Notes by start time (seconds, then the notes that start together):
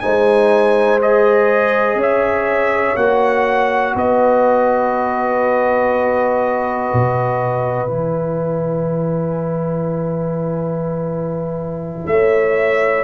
0.00 G#3 D#4 C5 G#5
1.00 G#4 D#5
1.95 C#4 C#5
2.02 E5
2.95 A#3 F#4 F#5
3.95 B3 B4 D#5
6.93 B2
7.87 E3 E4 G#5
12.06 A3 C#5 E5